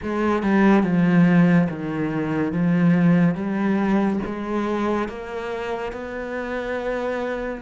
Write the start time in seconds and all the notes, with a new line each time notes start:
0.02 G#3
0.42 G3
0.83 F3
1.69 D#3
2.52 F3
3.35 G3
4.25 G#3
5.08 A#3
5.92 B3